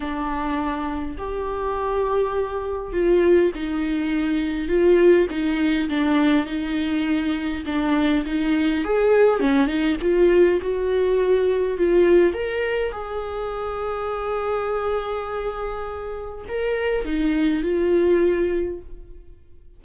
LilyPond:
\new Staff \with { instrumentName = "viola" } { \time 4/4 \tempo 4 = 102 d'2 g'2~ | g'4 f'4 dis'2 | f'4 dis'4 d'4 dis'4~ | dis'4 d'4 dis'4 gis'4 |
cis'8 dis'8 f'4 fis'2 | f'4 ais'4 gis'2~ | gis'1 | ais'4 dis'4 f'2 | }